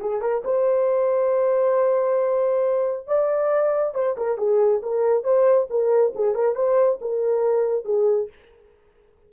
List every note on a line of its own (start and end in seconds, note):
0.00 0.21 G#4
0.21 0.43 A#4
0.45 3.07 C5
3.07 3.94 D5
3.94 4.16 C5
4.17 4.38 A#4
4.38 4.82 G#4
4.82 5.24 A#4
5.24 5.68 C5
5.70 6.14 A#4
6.15 6.35 G#4
6.35 6.55 A#4
6.55 6.99 C5
7.01 7.85 A#4
7.85 8.29 G#4